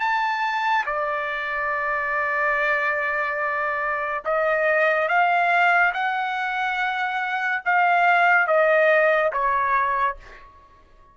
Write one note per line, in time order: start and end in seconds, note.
0.00 0.85 A5
0.86 4.24 D5
4.25 5.08 D#5
5.08 5.93 F5
5.93 7.62 F#5
7.65 8.47 F5
8.47 9.31 D#5
9.32 10.17 C#5